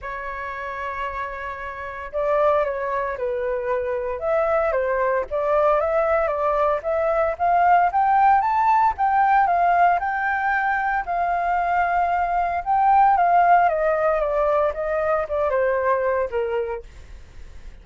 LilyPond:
\new Staff \with { instrumentName = "flute" } { \time 4/4 \tempo 4 = 114 cis''1 | d''4 cis''4 b'2 | e''4 c''4 d''4 e''4 | d''4 e''4 f''4 g''4 |
a''4 g''4 f''4 g''4~ | g''4 f''2. | g''4 f''4 dis''4 d''4 | dis''4 d''8 c''4. ais'4 | }